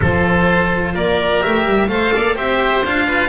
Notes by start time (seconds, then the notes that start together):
0.00 F3 F4 A4 C5
0.93 A#3 A#4 D5
1.40 A3 G4 E5
1.65 G3
1.88 A3 A4 C5 F5
2.15 A#3 D5
2.35 C4 G4 C5 E5
2.85 D4 F4 F5
3.07 B4